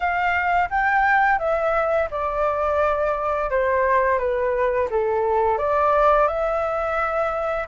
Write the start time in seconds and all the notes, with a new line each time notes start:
0.00 F5
0.69 G5
1.39 E5
2.11 D5
3.50 C5
4.18 B4
4.90 A4
5.58 D5
6.27 E5